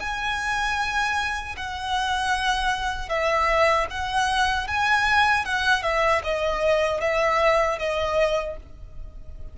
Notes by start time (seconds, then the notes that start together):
0.00 G#5
1.57 F#5
3.09 E5
3.91 F#5
4.68 G#5
5.45 F#5
5.83 E5
6.24 D#5
7.01 E5
7.79 D#5